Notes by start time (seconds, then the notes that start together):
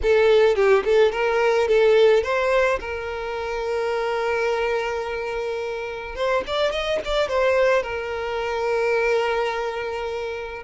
0.02 A4
0.55 G4
0.85 A4
1.11 A#4
1.67 A4
2.23 C5
2.80 A#4
6.15 C5
6.46 D5
6.71 D#5
7.05 D5
7.28 C5
7.82 A#4